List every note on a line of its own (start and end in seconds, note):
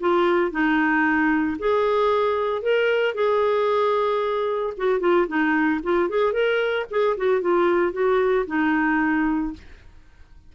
0.00 0.51 F4
0.51 1.57 D#4
1.59 2.62 G#4
2.62 3.14 A#4
3.14 4.74 G#4
4.77 5.00 F#4
5.00 5.27 F4
5.27 5.80 D#4
5.83 6.09 F4
6.09 6.32 G#4
6.32 6.85 A#4
6.90 7.17 G#4
7.17 7.41 F#4
7.41 7.92 F4
7.92 8.45 F#4
8.47 9.53 D#4